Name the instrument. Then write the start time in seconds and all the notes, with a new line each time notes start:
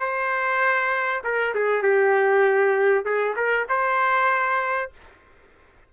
trumpet
0.00 C5
1.24 A#4
1.54 G#4
1.83 G4
3.05 G#4
3.36 A#4
3.69 C5